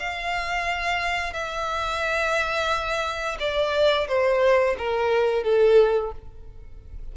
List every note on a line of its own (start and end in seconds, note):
0.00 1.34 F5
1.34 3.38 E5
3.40 4.08 D5
4.08 4.77 C5
4.79 5.44 A#4
5.44 6.12 A4